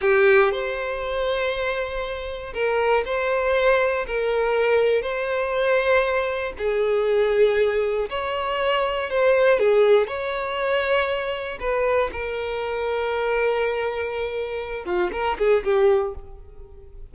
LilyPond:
\new Staff \with { instrumentName = "violin" } { \time 4/4 \tempo 4 = 119 g'4 c''2.~ | c''4 ais'4 c''2 | ais'2 c''2~ | c''4 gis'2. |
cis''2 c''4 gis'4 | cis''2. b'4 | ais'1~ | ais'4. f'8 ais'8 gis'8 g'4 | }